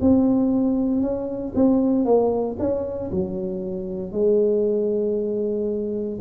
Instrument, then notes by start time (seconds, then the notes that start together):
tuba
0.00 C4
1.01 C#4
1.55 C4
2.05 A#3
2.59 C#4
3.10 F#3
4.11 G#3